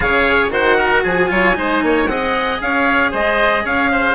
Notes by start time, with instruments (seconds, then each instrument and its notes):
0.00 bassoon C#3, cello G#4, oboe C#5, trumpet F5
0.50 bassoon D#3, cello F#4, oboe C5, trumpet F#5
0.77 oboe A#4
1.03 bassoon F3, oboe G#4, trumpet G#5
1.27 bassoon F#3, cello F4, oboe C#5
1.54 bassoon G#3, cello D#4, oboe C5
1.82 bassoon A#3, oboe C#5
2.06 bassoon C4, cello G#4, oboe D#5, trumpet F#5
2.61 bassoon C#4, oboe C#5, trumpet F5
3.11 bassoon G#3, oboe C5, trumpet D#5
3.64 bassoon C#4, oboe C#5, trumpet F5
3.91 oboe C5